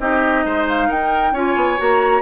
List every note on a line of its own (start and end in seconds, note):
0.00 0.45 C4
0.00 1.35 D#4
0.00 0.46 G4
0.00 0.67 D#5
0.46 0.89 G#3
0.46 0.89 C5
0.69 0.91 F5
0.89 1.33 D#4
0.89 1.33 A#4
0.89 1.35 G5
1.33 1.55 C#4
1.33 1.78 F4
1.33 2.22 C#5
1.33 1.80 G#5
1.56 1.79 B3
1.78 2.22 A#3
1.78 2.22 F#4
1.78 2.22 A#5